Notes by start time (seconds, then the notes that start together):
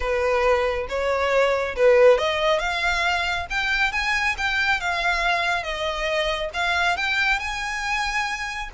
0.00 B4
0.88 C#5
1.75 B4
2.17 D#5
2.59 F5
3.50 G5
3.92 G#5
4.37 G5
4.80 F5
5.63 D#5
6.53 F5
6.96 G5
7.39 G#5